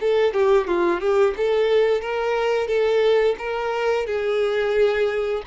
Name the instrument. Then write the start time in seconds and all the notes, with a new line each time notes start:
violin
0.00 A4
0.33 G4
0.67 F4
1.00 G4
1.36 A4
2.01 A#4
2.67 A4
3.38 A#4
4.06 G#4